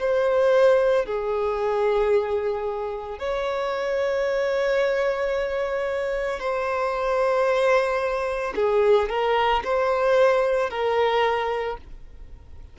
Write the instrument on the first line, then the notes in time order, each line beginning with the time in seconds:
violin
0.00 C5
1.06 G#4
3.19 C#5
6.39 C5
8.56 G#4
9.09 A#4
9.64 C5
10.70 A#4